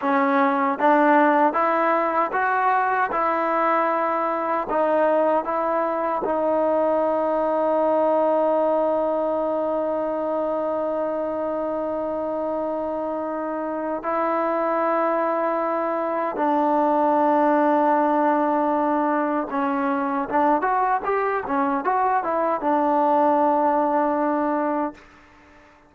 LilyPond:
\new Staff \with { instrumentName = "trombone" } { \time 4/4 \tempo 4 = 77 cis'4 d'4 e'4 fis'4 | e'2 dis'4 e'4 | dis'1~ | dis'1~ |
dis'2 e'2~ | e'4 d'2.~ | d'4 cis'4 d'8 fis'8 g'8 cis'8 | fis'8 e'8 d'2. | }